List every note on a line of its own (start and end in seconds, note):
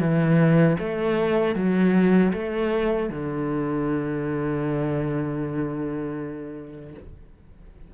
0.00 0.77 E3
0.79 1.56 A3
1.56 2.33 F#3
2.33 3.09 A3
3.09 6.94 D3